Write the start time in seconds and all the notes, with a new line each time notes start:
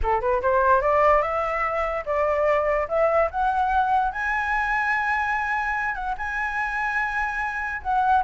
0.02 A4
0.21 B4
0.42 C5
0.81 D5
1.21 E5
2.05 D5
2.88 E5
3.30 F#5
4.12 G#5
5.94 F#5
6.17 G#5
7.82 F#5